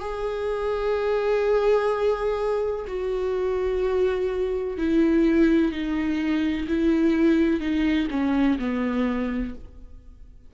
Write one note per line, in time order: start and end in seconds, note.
0.00 2.86 G#4
2.87 4.78 F#4
4.78 5.72 E4
5.72 6.67 D#4
6.68 7.61 E4
7.61 8.08 D#4
8.11 8.58 C#4
8.59 9.54 B3